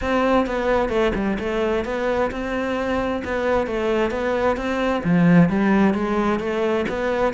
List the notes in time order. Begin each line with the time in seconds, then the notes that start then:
0.01 C4
0.46 B3
0.89 A3
1.15 G3
1.39 A3
1.84 B3
2.31 C4
3.24 B3
3.66 A3
4.10 B3
4.56 C4
5.04 F3
5.49 G3
5.93 G#3
6.39 A3
6.88 B3